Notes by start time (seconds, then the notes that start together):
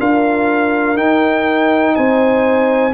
0.00 D4 F4 A#4 F5
0.95 D#4 G5
1.96 C4 C5 G#5